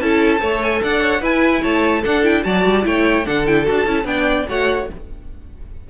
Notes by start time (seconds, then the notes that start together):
0.00 C#4 E4 A4 A5
0.39 A3 A4 C#5
0.62 G#5
0.83 D4 D5 F#5
1.01 C#5
1.21 E4 B4 G#5
1.61 A3 C#5 A5
2.01 D4 A4 F#5
2.23 E4 G5
2.43 F#3 F#4 D5 A5
2.65 G3
2.83 A3 E4 C#5 G5
3.25 D3 D4 A4 F#5
3.46 E4 G5
3.65 D4 F#4 A5
3.86 C#4 E4
4.04 B3 D4 D5 G5
4.48 A3 F#4 C#5 F#5